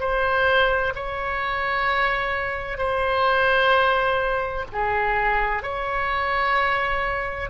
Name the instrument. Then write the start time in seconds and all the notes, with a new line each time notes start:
oboe
0.00 C5
0.95 C#5
2.78 C5
4.73 G#4
5.63 C#5